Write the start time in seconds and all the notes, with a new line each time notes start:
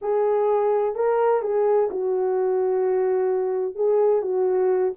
0.01 G#4
0.95 A#4
1.42 G#4
1.90 F#4
3.75 G#4
4.22 F#4